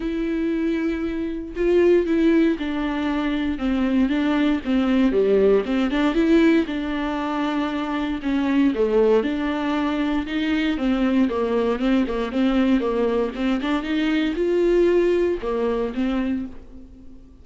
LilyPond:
\new Staff \with { instrumentName = "viola" } { \time 4/4 \tempo 4 = 117 e'2. f'4 | e'4 d'2 c'4 | d'4 c'4 g4 c'8 d'8 | e'4 d'2. |
cis'4 a4 d'2 | dis'4 c'4 ais4 c'8 ais8 | c'4 ais4 c'8 d'8 dis'4 | f'2 ais4 c'4 | }